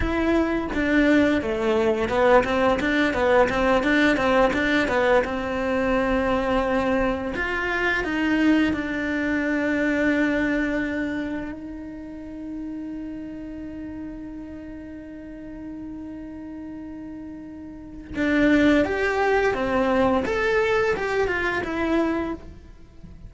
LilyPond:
\new Staff \with { instrumentName = "cello" } { \time 4/4 \tempo 4 = 86 e'4 d'4 a4 b8 c'8 | d'8 b8 c'8 d'8 c'8 d'8 b8 c'8~ | c'2~ c'8 f'4 dis'8~ | dis'8 d'2.~ d'8~ |
d'8 dis'2.~ dis'8~ | dis'1~ | dis'2 d'4 g'4 | c'4 a'4 g'8 f'8 e'4 | }